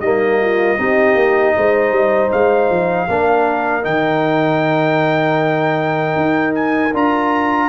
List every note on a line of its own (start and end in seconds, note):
0.00 0.77 G3
0.00 0.78 A#3
0.00 0.39 D#4
0.00 2.31 D#5
0.41 0.79 F4
0.78 1.15 C4
0.78 3.08 D#4
0.78 1.55 G4
1.15 1.54 A#3
1.56 1.91 G#3
1.56 3.10 C5
1.91 2.29 G3
2.32 2.70 G#3
2.32 3.85 F5
2.70 3.08 F3
3.08 3.85 A#3
3.08 3.82 D4
3.08 7.68 A#4
3.82 6.16 D#3
3.82 6.90 D#4
3.82 6.54 G5
6.16 6.92 D#4
6.54 6.93 G#5
6.93 7.68 D4
6.93 7.68 F4
6.93 7.68 A#5